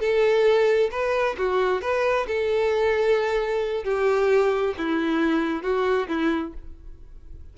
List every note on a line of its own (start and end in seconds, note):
0.00 0.90 A4
0.91 1.36 B4
1.38 1.82 F#4
1.82 2.27 B4
2.27 3.84 A4
3.84 4.75 G4
4.78 5.63 E4
5.63 6.08 F#4
6.08 6.54 E4